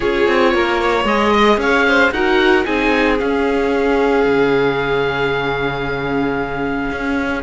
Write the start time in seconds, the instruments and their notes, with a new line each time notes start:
0.00 cello C#4, viola F4, violin G#4, oboe C#5
0.27 cello C4
0.54 cello A#3, violin A#4
0.81 violin C#5
1.04 cello G#3, viola G#4, oboe D#5
1.33 violin D#5
1.57 cello C#4, violin C#5, oboe F5
1.87 violin C5
2.10 cello D#4, viola F#4, violin A#4, oboe F#5
2.64 cello C4, viola D#4, violin G#4, oboe G#5
3.18 viola C#4, cello C#4, oboe F5
4.25 cello C#3
6.91 cello C#4